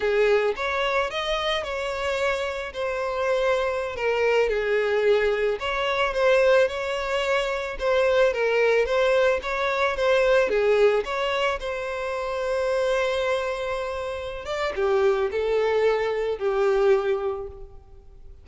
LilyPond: \new Staff \with { instrumentName = "violin" } { \time 4/4 \tempo 4 = 110 gis'4 cis''4 dis''4 cis''4~ | cis''4 c''2~ c''16 ais'8.~ | ais'16 gis'2 cis''4 c''8.~ | c''16 cis''2 c''4 ais'8.~ |
ais'16 c''4 cis''4 c''4 gis'8.~ | gis'16 cis''4 c''2~ c''8.~ | c''2~ c''8 d''8 g'4 | a'2 g'2 | }